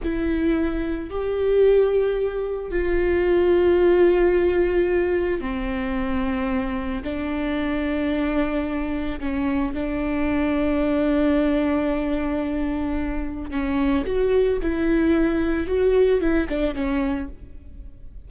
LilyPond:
\new Staff \with { instrumentName = "viola" } { \time 4/4 \tempo 4 = 111 e'2 g'2~ | g'4 f'2.~ | f'2 c'2~ | c'4 d'2.~ |
d'4 cis'4 d'2~ | d'1~ | d'4 cis'4 fis'4 e'4~ | e'4 fis'4 e'8 d'8 cis'4 | }